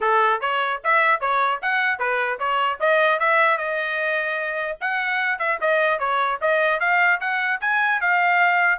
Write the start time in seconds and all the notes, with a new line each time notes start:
0.00 A4
0.40 C#5
0.83 E5
1.20 C#5
1.61 F#5
1.98 B4
2.39 C#5
2.79 D#5
3.19 E5
3.57 D#5
4.80 F#5
5.38 E5
5.60 D#5
5.99 C#5
6.41 D#5
6.79 F5
7.20 F#5
7.60 G#5
8.00 F5